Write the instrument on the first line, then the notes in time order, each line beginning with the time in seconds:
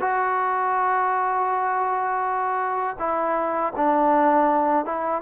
trombone
0.00 F#4
2.99 E4
3.76 D4
4.85 E4